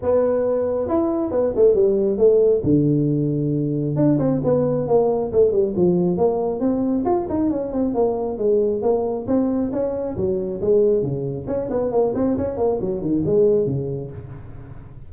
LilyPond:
\new Staff \with { instrumentName = "tuba" } { \time 4/4 \tempo 4 = 136 b2 e'4 b8 a8 | g4 a4 d2~ | d4 d'8 c'8 b4 ais4 | a8 g8 f4 ais4 c'4 |
f'8 dis'8 cis'8 c'8 ais4 gis4 | ais4 c'4 cis'4 fis4 | gis4 cis4 cis'8 b8 ais8 c'8 | cis'8 ais8 fis8 dis8 gis4 cis4 | }